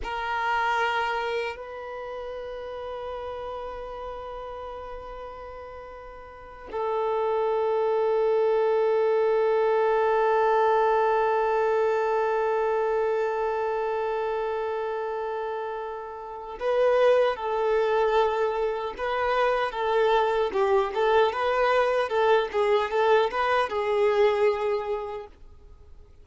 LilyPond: \new Staff \with { instrumentName = "violin" } { \time 4/4 \tempo 4 = 76 ais'2 b'2~ | b'1~ | b'8 a'2.~ a'8~ | a'1~ |
a'1~ | a'4 b'4 a'2 | b'4 a'4 g'8 a'8 b'4 | a'8 gis'8 a'8 b'8 gis'2 | }